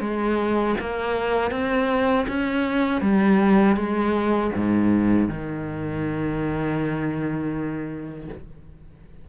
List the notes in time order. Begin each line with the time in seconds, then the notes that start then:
0.00 G#3
0.80 A#3
1.51 C4
2.27 C#4
3.01 G3
3.76 G#3
4.55 G#2
5.28 D#3